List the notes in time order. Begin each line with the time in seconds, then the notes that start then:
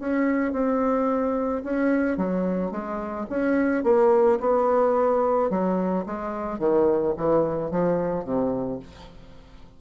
0.00 C#4
0.53 C4
1.64 C#4
2.18 F#3
2.71 G#3
3.30 C#4
3.84 A#3
4.40 B3
5.50 F#3
6.07 G#3
6.59 D#3
7.17 E3
7.71 F3
8.25 C3